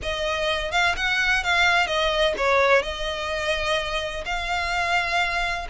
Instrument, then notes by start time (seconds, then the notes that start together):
violin
0.02 D#5
0.71 F5
0.96 F#5
1.43 F5
1.86 D#5
2.37 C#5
2.82 D#5
4.25 F5